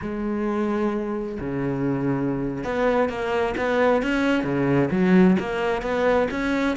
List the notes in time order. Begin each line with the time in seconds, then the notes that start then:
0.01 G#3
1.39 C#3
2.64 B3
3.09 A#3
3.57 B3
4.02 C#4
4.43 C#3
4.90 F#3
5.39 A#3
5.82 B3
6.31 C#4